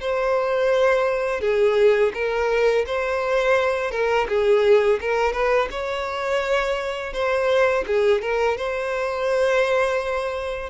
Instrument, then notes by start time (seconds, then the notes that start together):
violin
0.00 C5
1.41 G#4
2.14 A#4
2.86 C5
3.91 A#4
4.28 G#4
5.01 A#4
5.33 B4
5.70 C#5
7.13 C5
7.87 G#4
8.21 A#4
8.57 C5